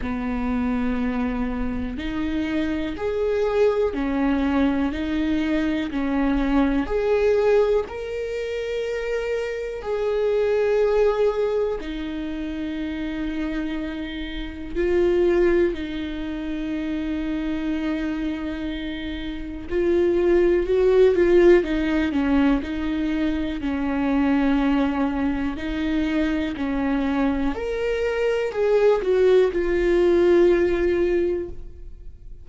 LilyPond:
\new Staff \with { instrumentName = "viola" } { \time 4/4 \tempo 4 = 61 b2 dis'4 gis'4 | cis'4 dis'4 cis'4 gis'4 | ais'2 gis'2 | dis'2. f'4 |
dis'1 | f'4 fis'8 f'8 dis'8 cis'8 dis'4 | cis'2 dis'4 cis'4 | ais'4 gis'8 fis'8 f'2 | }